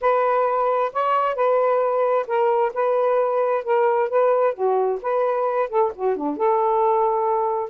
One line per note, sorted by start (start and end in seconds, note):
0.01 0.92 B4
0.92 1.35 C#5
1.35 2.26 B4
2.27 2.72 A#4
2.74 3.64 B4
3.64 4.09 A#4
4.09 4.54 B4
4.54 4.99 F#4
5.02 5.69 B4
5.69 5.92 A4
5.95 6.16 F#4
6.16 6.36 D4
6.36 7.69 A4